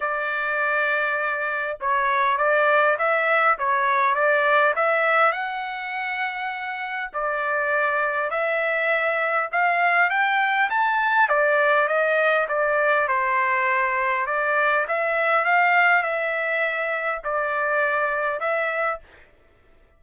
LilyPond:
\new Staff \with { instrumentName = "trumpet" } { \time 4/4 \tempo 4 = 101 d''2. cis''4 | d''4 e''4 cis''4 d''4 | e''4 fis''2. | d''2 e''2 |
f''4 g''4 a''4 d''4 | dis''4 d''4 c''2 | d''4 e''4 f''4 e''4~ | e''4 d''2 e''4 | }